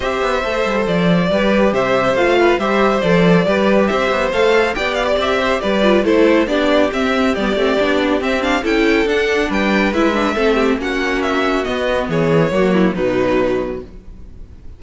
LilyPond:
<<
  \new Staff \with { instrumentName = "violin" } { \time 4/4 \tempo 4 = 139 e''2 d''2 | e''4 f''4 e''4 d''4~ | d''4 e''4 f''4 g''8 f''16 d''16 | e''4 d''4 c''4 d''4 |
e''4 d''2 e''8 f''8 | g''4 fis''4 g''4 e''4~ | e''4 fis''4 e''4 dis''4 | cis''2 b'2 | }
  \new Staff \with { instrumentName = "violin" } { \time 4/4 c''2. b'4 | c''4. b'8 c''2 | b'4 c''2 d''4~ | d''8 c''8 b'4 a'4 g'4~ |
g'1 | a'2 b'2 | a'8 g'8 fis'2. | gis'4 fis'8 e'8 dis'2 | }
  \new Staff \with { instrumentName = "viola" } { \time 4/4 g'4 a'2 g'4~ | g'4 f'4 g'4 a'4 | g'2 a'4 g'4~ | g'4. f'8 e'4 d'4 |
c'4 b8 c'8 d'4 c'8 d'8 | e'4 d'2 e'8 d'8 | c'4 cis'2 b4~ | b4 ais4 fis2 | }
  \new Staff \with { instrumentName = "cello" } { \time 4/4 c'8 b8 a8 g8 f4 g4 | c4 a4 g4 f4 | g4 c'8 b8 a4 b4 | c'4 g4 a4 b4 |
c'4 g8 a8 b4 c'4 | cis'4 d'4 g4 gis4 | a4 ais2 b4 | e4 fis4 b,2 | }
>>